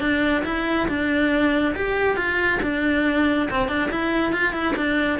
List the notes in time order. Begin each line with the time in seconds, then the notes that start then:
0.00 D4
0.44 E4
0.88 D4
1.75 G4
2.16 F4
2.62 D4
3.50 C4
3.68 D4
3.91 E4
4.32 F4
4.53 E4
4.76 D4